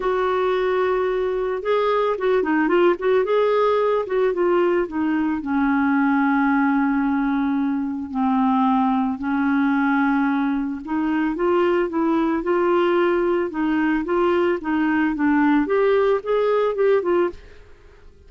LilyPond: \new Staff \with { instrumentName = "clarinet" } { \time 4/4 \tempo 4 = 111 fis'2. gis'4 | fis'8 dis'8 f'8 fis'8 gis'4. fis'8 | f'4 dis'4 cis'2~ | cis'2. c'4~ |
c'4 cis'2. | dis'4 f'4 e'4 f'4~ | f'4 dis'4 f'4 dis'4 | d'4 g'4 gis'4 g'8 f'8 | }